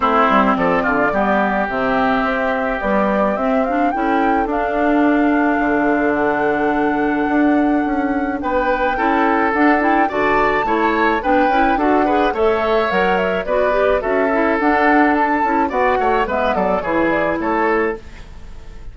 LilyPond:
<<
  \new Staff \with { instrumentName = "flute" } { \time 4/4 \tempo 4 = 107 c''4 d''2 e''4~ | e''4 d''4 e''8 f''8 g''4 | f''2. fis''4~ | fis''2. g''4~ |
g''4 fis''8 g''8 a''2 | g''4 fis''4 e''4 fis''8 e''8 | d''4 e''4 fis''4 a''4 | fis''4 e''8 d''8 cis''8 d''8 cis''4 | }
  \new Staff \with { instrumentName = "oboe" } { \time 4/4 e'4 a'8 f'8 g'2~ | g'2. a'4~ | a'1~ | a'2. b'4 |
a'2 d''4 cis''4 | b'4 a'8 b'8 cis''2 | b'4 a'2. | d''8 cis''8 b'8 a'8 gis'4 a'4 | }
  \new Staff \with { instrumentName = "clarinet" } { \time 4/4 c'2 b4 c'4~ | c'4 g4 c'8 d'8 e'4 | d'1~ | d'1 |
e'4 d'8 e'8 fis'4 e'4 | d'8 e'8 fis'8 gis'8 a'4 ais'4 | fis'8 g'8 fis'8 e'8 d'4. e'8 | fis'4 b4 e'2 | }
  \new Staff \with { instrumentName = "bassoon" } { \time 4/4 a8 g8 f8 d8 g4 c4 | c'4 b4 c'4 cis'4 | d'2 d2~ | d4 d'4 cis'4 b4 |
cis'4 d'4 d4 a4 | b8 cis'8 d'4 a4 fis4 | b4 cis'4 d'4. cis'8 | b8 a8 gis8 fis8 e4 a4 | }
>>